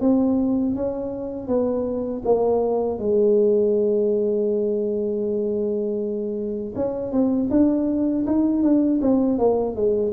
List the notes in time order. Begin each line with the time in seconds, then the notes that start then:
0.00 C4
0.75 C#4
1.47 B3
2.24 A#3
2.98 G#3
6.75 C#4
7.12 C4
7.50 D4
8.26 D#4
8.62 D4
9.01 C4
9.38 A#3
9.75 G#3